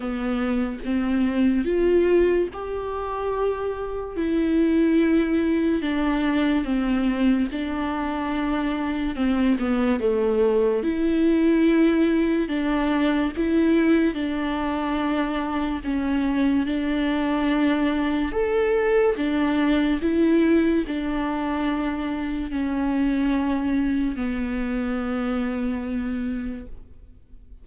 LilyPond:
\new Staff \with { instrumentName = "viola" } { \time 4/4 \tempo 4 = 72 b4 c'4 f'4 g'4~ | g'4 e'2 d'4 | c'4 d'2 c'8 b8 | a4 e'2 d'4 |
e'4 d'2 cis'4 | d'2 a'4 d'4 | e'4 d'2 cis'4~ | cis'4 b2. | }